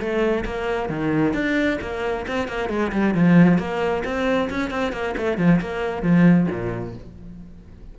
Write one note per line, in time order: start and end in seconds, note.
0.00 0.45 A3
0.45 0.89 A#3
0.89 1.34 D#3
1.34 1.78 D4
1.82 2.26 A#3
2.28 2.48 C4
2.48 2.69 A#3
2.69 2.92 G#3
2.92 3.14 G3
3.14 3.58 F3
3.58 4.03 A#3
4.04 4.49 C4
4.50 4.71 C#4
4.71 4.93 C4
4.93 5.15 A#3
5.17 5.38 A3
5.38 5.60 F3
5.61 6.03 A#3
6.03 6.47 F3
6.50 6.95 A#2